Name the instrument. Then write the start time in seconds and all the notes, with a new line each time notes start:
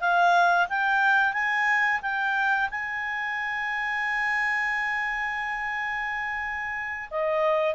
clarinet
0.00 F5
0.69 G5
1.33 G#5
2.02 G5
2.71 G#5
7.10 D#5